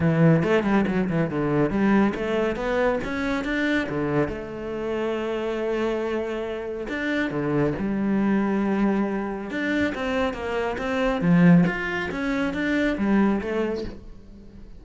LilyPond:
\new Staff \with { instrumentName = "cello" } { \time 4/4 \tempo 4 = 139 e4 a8 g8 fis8 e8 d4 | g4 a4 b4 cis'4 | d'4 d4 a2~ | a1 |
d'4 d4 g2~ | g2 d'4 c'4 | ais4 c'4 f4 f'4 | cis'4 d'4 g4 a4 | }